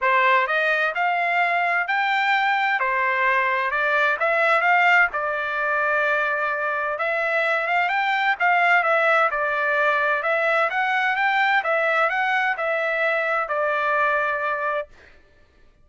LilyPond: \new Staff \with { instrumentName = "trumpet" } { \time 4/4 \tempo 4 = 129 c''4 dis''4 f''2 | g''2 c''2 | d''4 e''4 f''4 d''4~ | d''2. e''4~ |
e''8 f''8 g''4 f''4 e''4 | d''2 e''4 fis''4 | g''4 e''4 fis''4 e''4~ | e''4 d''2. | }